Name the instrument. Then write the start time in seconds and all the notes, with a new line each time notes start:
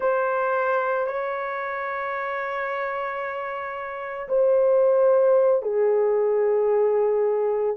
horn
0.00 C5
1.06 C#5
4.28 C5
5.62 G#4